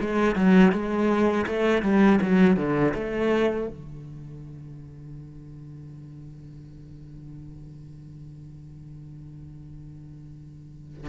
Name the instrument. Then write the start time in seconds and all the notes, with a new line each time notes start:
cello
0.00 G#3
0.35 F#3
0.71 G#3
1.46 A3
1.82 G3
2.21 F#3
2.56 D3
2.94 A3
3.68 D3